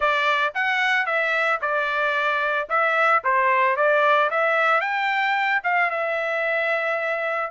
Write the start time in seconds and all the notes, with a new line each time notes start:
0.00 D5
0.54 F#5
1.05 E5
1.61 D5
2.69 E5
3.24 C5
3.76 D5
4.30 E5
4.80 G5
5.63 F5
5.90 E5